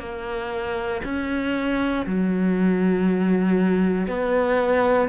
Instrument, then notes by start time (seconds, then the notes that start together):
cello
0.00 A#3
1.04 C#4
2.07 F#3
4.08 B3